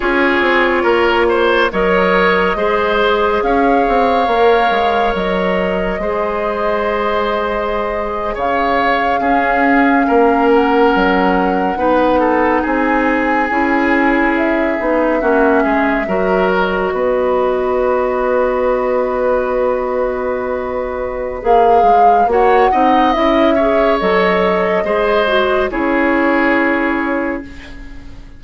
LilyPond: <<
  \new Staff \with { instrumentName = "flute" } { \time 4/4 \tempo 4 = 70 cis''2 dis''2 | f''2 dis''2~ | dis''4.~ dis''16 f''2~ f''16~ | f''16 fis''2~ fis''8 gis''4~ gis''16~ |
gis''8. e''2~ e''8 dis''8.~ | dis''1~ | dis''4 f''4 fis''4 e''4 | dis''2 cis''2 | }
  \new Staff \with { instrumentName = "oboe" } { \time 4/4 gis'4 ais'8 c''8 cis''4 c''4 | cis''2. c''4~ | c''4.~ c''16 cis''4 gis'4 ais'16~ | ais'4.~ ais'16 b'8 a'8 gis'4~ gis'16~ |
gis'4.~ gis'16 fis'8 gis'8 ais'4 b'16~ | b'1~ | b'2 cis''8 dis''4 cis''8~ | cis''4 c''4 gis'2 | }
  \new Staff \with { instrumentName = "clarinet" } { \time 4/4 f'2 ais'4 gis'4~ | gis'4 ais'2 gis'4~ | gis'2~ gis'8. cis'4~ cis'16~ | cis'4.~ cis'16 dis'2 e'16~ |
e'4~ e'16 dis'8 cis'4 fis'4~ fis'16~ | fis'1~ | fis'4 gis'4 fis'8 dis'8 e'8 gis'8 | a'4 gis'8 fis'8 e'2 | }
  \new Staff \with { instrumentName = "bassoon" } { \time 4/4 cis'8 c'8 ais4 fis4 gis4 | cis'8 c'8 ais8 gis8 fis4 gis4~ | gis4.~ gis16 cis4 cis'4 ais16~ | ais8. fis4 b4 c'4 cis'16~ |
cis'4~ cis'16 b8 ais8 gis8 fis4 b16~ | b1~ | b4 ais8 gis8 ais8 c'8 cis'4 | fis4 gis4 cis'2 | }
>>